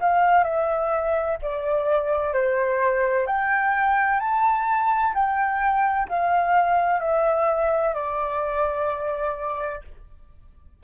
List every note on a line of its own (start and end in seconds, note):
0.00 0.43 F5
0.43 1.37 E5
1.41 2.33 D5
2.33 3.26 C5
3.26 4.19 G5
4.19 5.13 A5
5.14 6.08 G5
6.09 7.00 F5
7.00 7.94 E5
7.94 9.81 D5